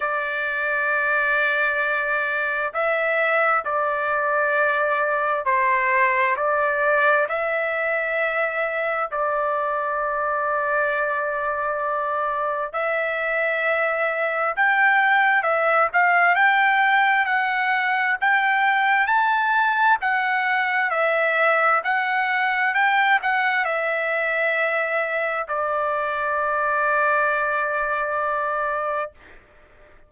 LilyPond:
\new Staff \with { instrumentName = "trumpet" } { \time 4/4 \tempo 4 = 66 d''2. e''4 | d''2 c''4 d''4 | e''2 d''2~ | d''2 e''2 |
g''4 e''8 f''8 g''4 fis''4 | g''4 a''4 fis''4 e''4 | fis''4 g''8 fis''8 e''2 | d''1 | }